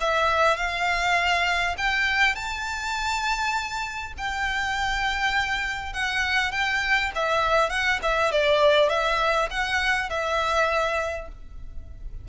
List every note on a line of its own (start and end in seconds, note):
0.00 0.57 E5
0.57 1.76 F5
1.77 2.35 G5
2.35 4.13 A5
4.17 5.93 G5
5.93 6.51 F#5
6.51 7.11 G5
7.15 7.69 E5
7.69 7.99 F#5
8.02 8.31 E5
8.31 8.89 D5
8.89 9.48 E5
9.50 10.09 F#5
10.09 11.28 E5